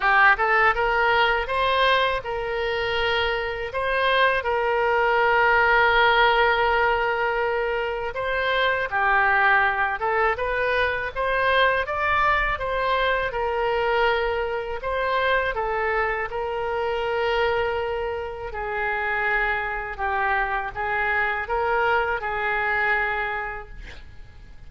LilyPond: \new Staff \with { instrumentName = "oboe" } { \time 4/4 \tempo 4 = 81 g'8 a'8 ais'4 c''4 ais'4~ | ais'4 c''4 ais'2~ | ais'2. c''4 | g'4. a'8 b'4 c''4 |
d''4 c''4 ais'2 | c''4 a'4 ais'2~ | ais'4 gis'2 g'4 | gis'4 ais'4 gis'2 | }